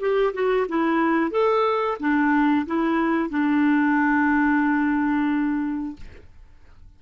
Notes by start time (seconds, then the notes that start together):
0.00 G4
0.34 F#4
0.68 E4
1.31 A4
1.99 D4
2.66 E4
3.30 D4